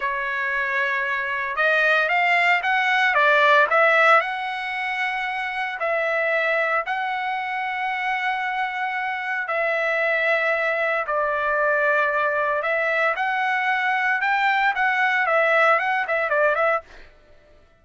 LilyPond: \new Staff \with { instrumentName = "trumpet" } { \time 4/4 \tempo 4 = 114 cis''2. dis''4 | f''4 fis''4 d''4 e''4 | fis''2. e''4~ | e''4 fis''2.~ |
fis''2 e''2~ | e''4 d''2. | e''4 fis''2 g''4 | fis''4 e''4 fis''8 e''8 d''8 e''8 | }